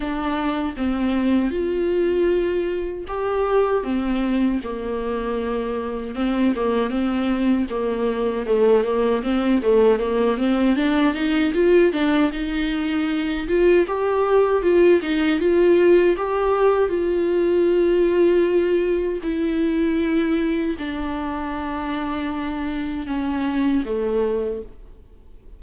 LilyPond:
\new Staff \with { instrumentName = "viola" } { \time 4/4 \tempo 4 = 78 d'4 c'4 f'2 | g'4 c'4 ais2 | c'8 ais8 c'4 ais4 a8 ais8 | c'8 a8 ais8 c'8 d'8 dis'8 f'8 d'8 |
dis'4. f'8 g'4 f'8 dis'8 | f'4 g'4 f'2~ | f'4 e'2 d'4~ | d'2 cis'4 a4 | }